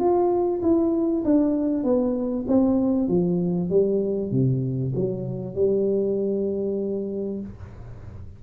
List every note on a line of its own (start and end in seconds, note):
0.00 0.62 F4
0.62 1.24 E4
1.25 1.84 D4
1.84 2.46 B3
2.48 3.08 C4
3.08 3.70 F3
3.70 4.32 G3
4.32 4.93 C3
4.96 5.55 F#3
5.55 7.41 G3